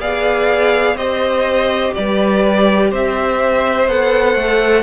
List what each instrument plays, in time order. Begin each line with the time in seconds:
0.00 cello B3, viola G#4, violin D5 F5
0.95 cello C4, viola G4, violin C5 D#5
1.94 cello G3, violin B4 D5
2.90 cello C4, violin C5 E5
3.87 cello B3, viola A4, violin F#5
4.35 cello A3